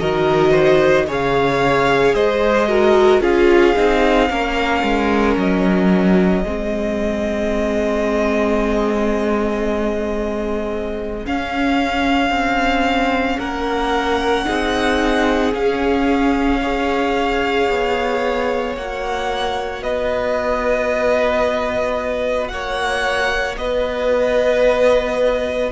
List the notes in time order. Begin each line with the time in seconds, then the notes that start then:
0.00 D#3 F#4 A#4 D#5
0.52 C5
1.08 C#3 G#4 C#5 F5
2.14 G#3 C5 D#5
2.69 F#4 A#4
3.21 C#4 F4 G#4 F5
3.76 C4 D#4
4.30 A#3 C#4 A#4
4.83 G#3
5.37 F#3 D#5
6.44 G#3 C4 G#4
11.25 C#4 F5
12.30 C4
13.39 A#3 A#4 F#5
14.46 C4 D#4 G#4
15.54 C#4 F5
16.62 G#4 C#5
17.70 B3
18.76 A#3 F#4 F#5
19.83 B3 B4 D#5
22.48 A#3 C#5 F#5
23.58 B3 B4 D#5